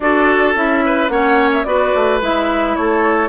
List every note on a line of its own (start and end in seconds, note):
0.00 0.54 D4
0.00 0.55 F#4
0.00 0.84 A4
0.00 0.55 D5
0.54 1.08 C#4
0.54 1.10 E4
0.54 1.08 E5
0.85 1.11 B4
1.08 1.63 A#3
1.08 1.65 C#4
1.08 1.66 C#5
1.08 1.49 F#5
1.53 1.64 E5
1.64 1.92 B3
1.64 2.20 F#4
1.64 2.77 B4
1.64 2.19 D5
1.94 2.21 A3
2.21 2.76 G#3
2.21 3.29 E4
2.21 2.75 E5
2.75 3.29 A3
2.75 3.29 A4
2.75 3.29 C#5